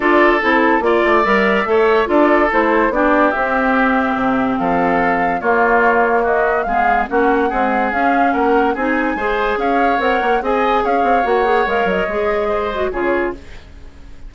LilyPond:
<<
  \new Staff \with { instrumentName = "flute" } { \time 4/4 \tempo 4 = 144 d''4 a'4 d''4 e''4~ | e''4 d''4 c''4 d''4 | e''2. f''4~ | f''4 cis''2 dis''4 |
f''4 fis''2 f''4 | fis''4 gis''2 f''4 | fis''4 gis''4 f''4 fis''4 | f''8 dis''2~ dis''8 cis''4 | }
  \new Staff \with { instrumentName = "oboe" } { \time 4/4 a'2 d''2 | cis''4 a'2 g'4~ | g'2. a'4~ | a'4 f'2 fis'4 |
gis'4 fis'4 gis'2 | ais'4 gis'4 c''4 cis''4~ | cis''4 dis''4 cis''2~ | cis''2 c''4 gis'4 | }
  \new Staff \with { instrumentName = "clarinet" } { \time 4/4 f'4 e'4 f'4 ais'4 | a'4 f'4 e'4 d'4 | c'1~ | c'4 ais2. |
b4 cis'4 gis4 cis'4~ | cis'4 dis'4 gis'2 | ais'4 gis'2 fis'8 gis'8 | ais'4 gis'4. fis'8 f'4 | }
  \new Staff \with { instrumentName = "bassoon" } { \time 4/4 d'4 c'4 ais8 a8 g4 | a4 d'4 a4 b4 | c'2 c4 f4~ | f4 ais2. |
gis4 ais4 c'4 cis'4 | ais4 c'4 gis4 cis'4 | c'8 ais8 c'4 cis'8 c'8 ais4 | gis8 fis8 gis2 cis4 | }
>>